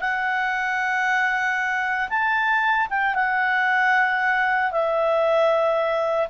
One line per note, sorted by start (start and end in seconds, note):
0.00 2.09 F#5
2.09 2.87 A5
2.90 3.15 G5
3.15 4.71 F#5
4.71 6.28 E5